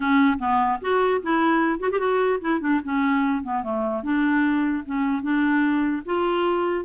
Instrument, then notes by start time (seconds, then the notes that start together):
clarinet
0.00 C#4
0.38 B3
0.81 F#4
1.22 E4
1.79 F#4
1.91 G4
1.99 F#4
2.41 E4
2.60 D4
2.84 C#4
3.43 B3
3.63 A3
4.03 D4
4.85 C#4
5.22 D4
6.05 F4